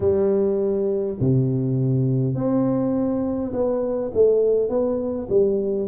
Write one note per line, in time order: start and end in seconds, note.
0.00 1.18 G3
1.20 2.34 C3
2.34 3.52 C4
3.52 4.11 B3
4.13 4.68 A3
4.68 5.27 B3
5.29 5.88 G3